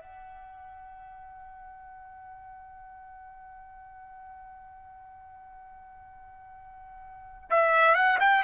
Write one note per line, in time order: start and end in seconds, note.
0.00 7.50 F#5
7.50 7.95 E5
7.95 8.18 F#5
8.20 8.43 G5